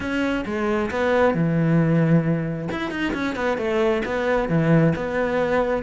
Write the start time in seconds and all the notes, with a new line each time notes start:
0.00 C#4
0.45 G#3
0.91 B3
1.34 E3
2.71 E4
2.90 D#4
3.13 C#4
3.35 B3
3.57 A3
4.05 B3
4.48 E3
4.95 B3